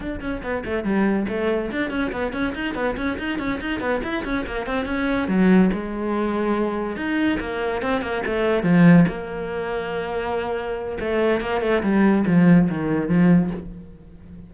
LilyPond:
\new Staff \with { instrumentName = "cello" } { \time 4/4 \tempo 4 = 142 d'8 cis'8 b8 a8 g4 a4 | d'8 cis'8 b8 cis'8 dis'8 b8 cis'8 dis'8 | cis'8 dis'8 b8 e'8 cis'8 ais8 c'8 cis'8~ | cis'8 fis4 gis2~ gis8~ |
gis8 dis'4 ais4 c'8 ais8 a8~ | a8 f4 ais2~ ais8~ | ais2 a4 ais8 a8 | g4 f4 dis4 f4 | }